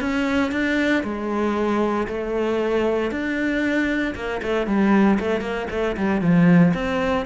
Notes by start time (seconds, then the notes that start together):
0.00 C#4
0.51 D4
1.03 G#3
2.07 A3
3.11 D4
4.15 A#3
4.42 A3
4.67 G3
5.19 A3
5.41 A#3
5.70 A3
5.96 G3
6.21 F3
6.74 C4